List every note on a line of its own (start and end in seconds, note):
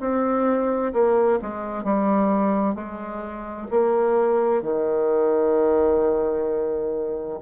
0.00 0.92 C4
0.93 1.39 A#3
1.42 1.83 G#3
1.83 2.75 G3
2.75 3.68 G#3
3.70 4.62 A#3
4.62 7.39 D#3